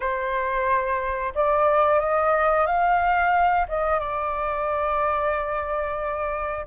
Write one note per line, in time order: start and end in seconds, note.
0.00 1.33 C5
1.35 1.99 D5
1.99 2.66 D#5
2.66 3.66 F5
3.68 3.99 D#5
3.99 6.66 D5